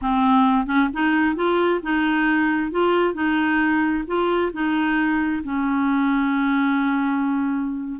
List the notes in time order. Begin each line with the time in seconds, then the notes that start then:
0.01 C4
0.66 C#4
0.93 D#4
1.35 F4
1.82 D#4
2.71 F4
3.14 D#4
4.07 F4
4.52 D#4
5.43 C#4